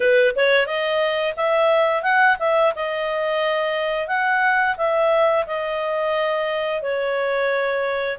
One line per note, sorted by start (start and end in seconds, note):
0.00 0.34 B4
0.35 0.66 C#5
0.66 1.34 D#5
1.36 2.02 E5
2.02 2.36 F#5
2.39 2.73 E5
2.75 4.07 D#5
4.07 4.75 F#5
4.77 5.45 E5
5.46 6.82 D#5
6.82 8.18 C#5